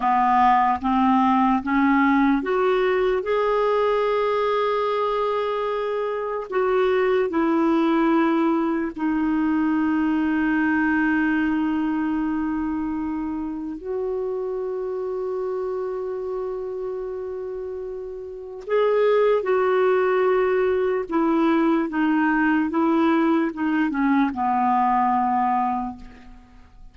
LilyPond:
\new Staff \with { instrumentName = "clarinet" } { \time 4/4 \tempo 4 = 74 b4 c'4 cis'4 fis'4 | gis'1 | fis'4 e'2 dis'4~ | dis'1~ |
dis'4 fis'2.~ | fis'2. gis'4 | fis'2 e'4 dis'4 | e'4 dis'8 cis'8 b2 | }